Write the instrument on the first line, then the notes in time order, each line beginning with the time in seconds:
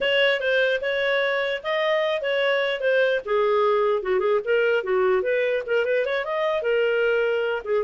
clarinet
0.01 C#5
0.40 C5
0.81 C#5
1.63 D#5
2.21 C#5
2.80 C5
3.25 G#4
4.02 F#4
4.19 G#4
4.44 A#4
4.83 F#4
5.22 B4
5.66 A#4
5.85 B4
6.05 C#5
6.25 D#5
6.61 A#4
7.64 G#4